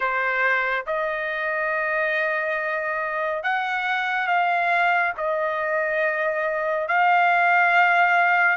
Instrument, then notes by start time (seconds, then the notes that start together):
trumpet
0.00 C5
0.86 D#5
3.43 F#5
4.27 F5
5.17 D#5
6.88 F5